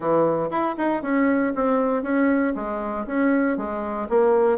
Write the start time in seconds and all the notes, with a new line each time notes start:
0.00 E3
0.50 E4
0.77 D#4
1.02 C#4
1.55 C4
2.02 C#4
2.55 G#3
3.06 C#4
3.57 G#3
4.09 A#3